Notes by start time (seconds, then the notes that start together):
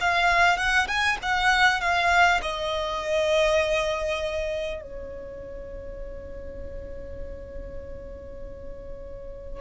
0.00 F5
0.57 F#5
0.87 G#5
1.22 F#5
1.80 F5
2.42 D#5
4.81 C#5